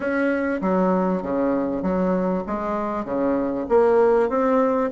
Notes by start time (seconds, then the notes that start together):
0.00 C#4
0.61 F#3
1.22 C#3
1.82 F#3
2.46 G#3
3.04 C#3
3.68 A#3
4.29 C4